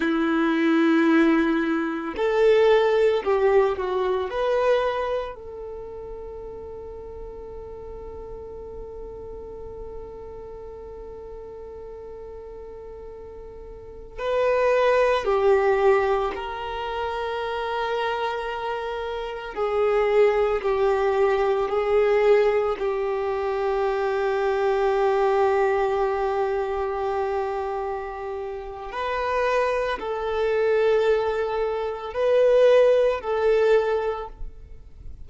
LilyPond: \new Staff \with { instrumentName = "violin" } { \time 4/4 \tempo 4 = 56 e'2 a'4 g'8 fis'8 | b'4 a'2.~ | a'1~ | a'4~ a'16 b'4 g'4 ais'8.~ |
ais'2~ ais'16 gis'4 g'8.~ | g'16 gis'4 g'2~ g'8.~ | g'2. b'4 | a'2 b'4 a'4 | }